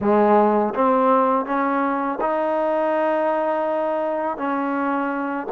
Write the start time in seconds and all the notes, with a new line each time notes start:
0.00 G#3
0.74 C4
1.45 C#4
2.21 D#4
4.37 C#4